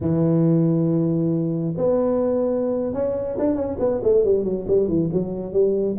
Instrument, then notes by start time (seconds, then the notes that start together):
tuba
0.00 E3
1.77 B3
2.93 C#4
3.38 D4
3.55 C#4
3.79 B3
4.03 A3
4.24 G3
4.44 F#3
4.67 G3
4.88 E3
5.12 F#3
5.52 G3